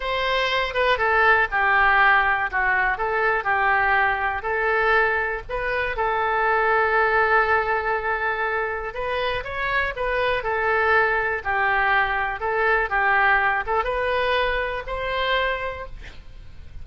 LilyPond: \new Staff \with { instrumentName = "oboe" } { \time 4/4 \tempo 4 = 121 c''4. b'8 a'4 g'4~ | g'4 fis'4 a'4 g'4~ | g'4 a'2 b'4 | a'1~ |
a'2 b'4 cis''4 | b'4 a'2 g'4~ | g'4 a'4 g'4. a'8 | b'2 c''2 | }